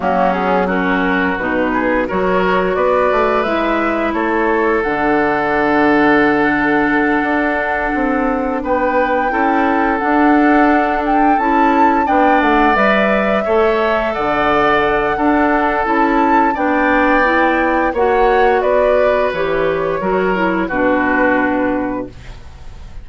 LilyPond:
<<
  \new Staff \with { instrumentName = "flute" } { \time 4/4 \tempo 4 = 87 fis'8 gis'8 ais'4 b'4 cis''4 | d''4 e''4 cis''4 fis''4~ | fis''1~ | fis''8 g''2 fis''4. |
g''8 a''4 g''8 fis''8 e''4.~ | e''8 fis''2~ fis''8 a''4 | g''2 fis''4 d''4 | cis''2 b'2 | }
  \new Staff \with { instrumentName = "oboe" } { \time 4/4 cis'4 fis'4. gis'8 ais'4 | b'2 a'2~ | a'1~ | a'8 b'4 a'2~ a'8~ |
a'4. d''2 cis''8~ | cis''8 d''4. a'2 | d''2 cis''4 b'4~ | b'4 ais'4 fis'2 | }
  \new Staff \with { instrumentName = "clarinet" } { \time 4/4 ais8 b8 cis'4 dis'4 fis'4~ | fis'4 e'2 d'4~ | d'1~ | d'4. e'4 d'4.~ |
d'8 e'4 d'4 b'4 a'8~ | a'2 d'4 e'4 | d'4 e'4 fis'2 | g'4 fis'8 e'8 d'2 | }
  \new Staff \with { instrumentName = "bassoon" } { \time 4/4 fis2 b,4 fis4 | b8 a8 gis4 a4 d4~ | d2~ d8 d'4 c'8~ | c'8 b4 cis'4 d'4.~ |
d'8 cis'4 b8 a8 g4 a8~ | a8 d4. d'4 cis'4 | b2 ais4 b4 | e4 fis4 b,2 | }
>>